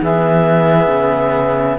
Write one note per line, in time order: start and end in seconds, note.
0.00 0.88 E3
0.00 1.79 B3
0.00 1.79 G#4
0.00 1.79 E5
0.88 1.78 C#3